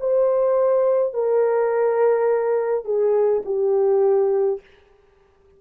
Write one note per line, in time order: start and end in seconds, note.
0.00 1.14 C5
1.14 2.85 A#4
2.85 3.43 G#4
3.45 4.60 G4